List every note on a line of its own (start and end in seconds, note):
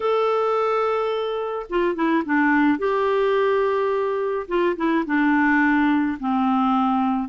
0.00 1.66 A4
1.69 1.95 F4
1.95 2.23 E4
2.25 2.78 D4
2.78 4.46 G4
4.48 4.76 F4
4.76 5.04 E4
5.06 6.18 D4
6.19 7.28 C4